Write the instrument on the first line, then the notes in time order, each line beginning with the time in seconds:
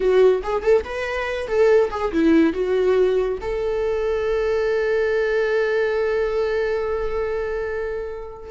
viola
0.00 F#4
0.43 G#4
0.62 A4
0.84 B4
1.47 A4
1.90 G#4
2.12 E4
2.53 F#4
3.41 A4